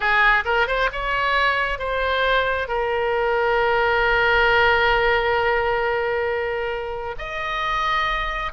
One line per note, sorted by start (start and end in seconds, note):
0.00 0.44 G#4
0.45 0.67 A#4
0.67 0.89 C5
0.92 1.78 C#5
1.78 2.67 C5
2.67 7.15 A#4
7.18 8.52 D#5